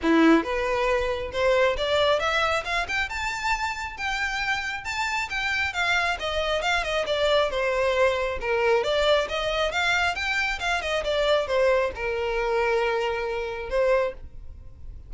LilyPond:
\new Staff \with { instrumentName = "violin" } { \time 4/4 \tempo 4 = 136 e'4 b'2 c''4 | d''4 e''4 f''8 g''8 a''4~ | a''4 g''2 a''4 | g''4 f''4 dis''4 f''8 dis''8 |
d''4 c''2 ais'4 | d''4 dis''4 f''4 g''4 | f''8 dis''8 d''4 c''4 ais'4~ | ais'2. c''4 | }